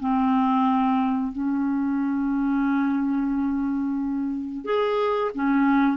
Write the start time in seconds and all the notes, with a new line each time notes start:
0.00 C4
1.32 C#4
4.64 G#4
5.34 C#4